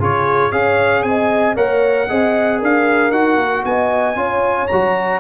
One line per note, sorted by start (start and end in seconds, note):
0.00 0.52 C#3
0.00 0.52 F4
0.00 0.52 G#4
0.00 0.52 C#5
0.52 1.04 C#4
0.52 1.56 G#4
0.52 1.06 C#5
0.52 1.03 F5
1.03 1.56 C4
1.03 1.56 D#5
1.03 1.55 G#5
1.56 2.09 A#3
1.56 2.08 A#4
1.56 2.08 C#5
1.56 2.62 F#5
2.08 2.63 C4
2.08 3.13 G#4
2.08 2.59 D#5
2.59 3.11 D4
2.59 3.63 A#4
2.59 3.12 F5
3.11 3.37 D#4
3.11 4.16 F#4
3.11 3.64 F#5
3.37 3.63 A#3
3.65 4.16 B3
3.65 4.18 D#5
3.65 4.68 G#5
4.16 4.68 C#4
4.16 4.68 F4
4.16 5.20 C#5
4.68 5.20 F#3
4.68 5.20 F#4
4.68 5.20 A#5